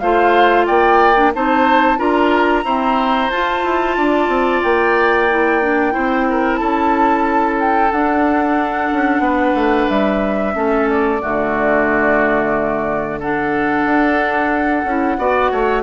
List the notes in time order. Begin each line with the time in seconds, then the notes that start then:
0.00 A3 F4 C5 F5
0.67 A#3 D5 G5
1.15 D4
1.34 C4 D#4 C5 A5
1.98 D4 F4 A#4 A#5
2.64 C4 E4 C5
3.31 F4 A5
3.64 E4
3.97 D4 D5
4.29 C4
4.63 A#3 G5
5.30 E4
5.62 D4
5.92 C4 E4 C5
6.30 A#4
6.56 C#4 A4 A5
7.60 G5
7.92 D4 F#5
8.93 C#4
9.20 B3 B4
9.55 A3
9.90 G3 E5
10.54 A3 C#4 A4
10.90 D5
11.22 D3 A3 F#4
13.20 D4 A4 F#5
13.85 D4
14.85 C#4 E4
15.18 B3 F#4 D5
15.52 A3 C#5